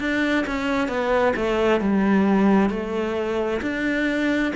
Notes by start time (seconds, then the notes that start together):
0.00 D4
0.47 C#4
0.88 B3
1.36 A3
1.81 G3
2.69 A3
3.62 D4